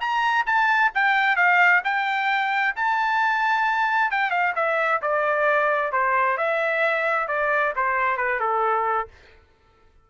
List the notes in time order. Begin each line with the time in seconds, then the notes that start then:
0.00 A#5
0.46 A5
0.95 G5
1.36 F5
1.84 G5
2.76 A5
4.11 G5
4.31 F5
4.55 E5
5.02 D5
5.92 C5
6.37 E5
7.28 D5
7.76 C5
8.17 B4
8.40 A4